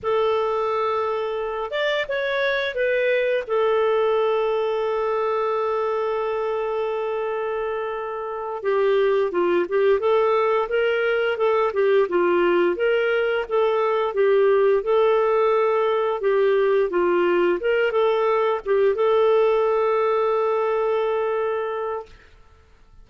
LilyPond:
\new Staff \with { instrumentName = "clarinet" } { \time 4/4 \tempo 4 = 87 a'2~ a'8 d''8 cis''4 | b'4 a'2.~ | a'1~ | a'8 g'4 f'8 g'8 a'4 ais'8~ |
ais'8 a'8 g'8 f'4 ais'4 a'8~ | a'8 g'4 a'2 g'8~ | g'8 f'4 ais'8 a'4 g'8 a'8~ | a'1 | }